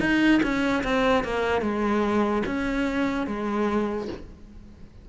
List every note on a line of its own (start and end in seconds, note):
0.00 0.41 D#4
0.43 0.83 C#4
0.83 1.24 C4
1.24 1.61 A#3
1.61 2.43 G#3
2.46 3.27 C#4
3.27 4.08 G#3